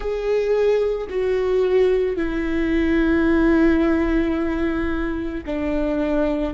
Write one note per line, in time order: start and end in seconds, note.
0.00 1.07 G#4
1.09 2.16 F#4
2.16 5.43 E4
5.45 6.53 D4